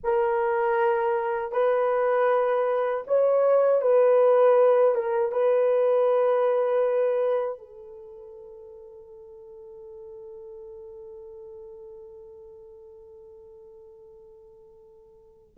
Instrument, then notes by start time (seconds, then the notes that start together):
horn
0.03 A#4
1.52 B4
3.07 C#5
3.81 B4
4.94 A#4
5.32 B4
7.58 A4